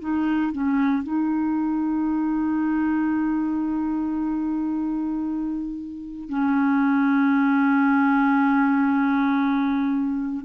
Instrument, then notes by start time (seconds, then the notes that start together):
clarinet
0.00 D#4
0.52 C#4
1.03 D#4
6.29 C#4